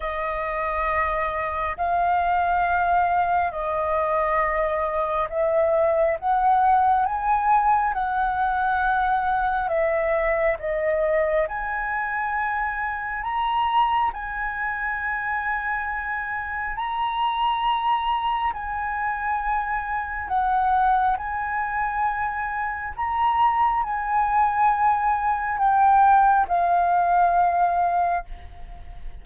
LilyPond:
\new Staff \with { instrumentName = "flute" } { \time 4/4 \tempo 4 = 68 dis''2 f''2 | dis''2 e''4 fis''4 | gis''4 fis''2 e''4 | dis''4 gis''2 ais''4 |
gis''2. ais''4~ | ais''4 gis''2 fis''4 | gis''2 ais''4 gis''4~ | gis''4 g''4 f''2 | }